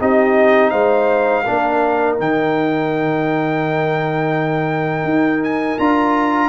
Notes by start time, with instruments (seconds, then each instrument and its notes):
0.00 tuba C4, trombone D#4, horn G4, trumpet D#5
0.70 tuba G#3, horn C5, trumpet F5
1.44 tuba A#3, trombone D4, horn A#4
2.18 tuba D#3, trombone D#4, trumpet G5
5.04 tuba D#4
5.44 trumpet G#5
5.79 tuba D4, trombone F4, trumpet A#5